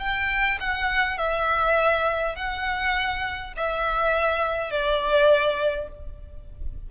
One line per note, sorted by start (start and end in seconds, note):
0.00 0.59 G5
0.60 1.18 F#5
1.18 2.36 E5
2.36 3.53 F#5
3.57 4.71 E5
4.71 5.89 D5